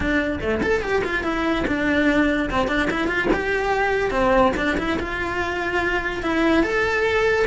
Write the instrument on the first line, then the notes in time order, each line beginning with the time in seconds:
cello
0.00 D4
0.40 A3
0.62 A4
0.81 G4
1.03 F4
1.23 E4
1.67 D4
2.50 C4
2.68 D4
2.90 E4
3.07 F4
3.33 G4
4.10 C4
4.56 D4
4.78 E4
4.99 F4
6.23 E4
6.63 A4